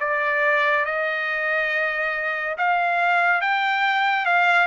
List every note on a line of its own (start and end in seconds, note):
0.00 0.85 D5
0.85 2.56 D#5
2.58 3.41 F5
3.41 4.25 G5
4.25 4.67 F5